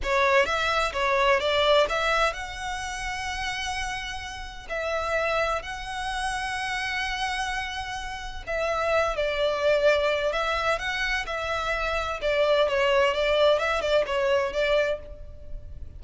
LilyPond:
\new Staff \with { instrumentName = "violin" } { \time 4/4 \tempo 4 = 128 cis''4 e''4 cis''4 d''4 | e''4 fis''2.~ | fis''2 e''2 | fis''1~ |
fis''2 e''4. d''8~ | d''2 e''4 fis''4 | e''2 d''4 cis''4 | d''4 e''8 d''8 cis''4 d''4 | }